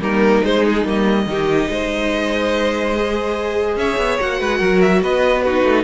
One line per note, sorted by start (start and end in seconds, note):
0.00 0.42 G3
0.00 0.43 A#3
0.00 1.26 D#4
0.00 0.45 A#4
0.43 0.85 G#3
0.43 0.66 C5
0.66 0.87 G#4
0.85 1.26 G3
0.85 1.27 A#3
0.85 3.78 D#5
1.26 1.68 D#3
1.26 2.96 D#4
1.26 1.71 G4
1.70 3.76 G#3
1.70 3.78 C5
2.96 4.20 G#4
3.76 3.97 C#4
3.76 4.40 C#5
3.76 4.20 E5
3.97 4.18 B3
4.20 4.40 A#3
4.20 5.45 F#4
4.20 4.81 F#5
4.40 4.60 G#3
4.40 4.58 B4
4.58 5.02 F#3
4.58 5.00 A#4
4.81 5.02 E5
5.02 5.64 B3
5.02 5.44 B4
5.02 5.42 D#5
5.42 5.84 D#4
5.42 5.84 F#4
5.42 5.84 B4
5.64 5.84 A3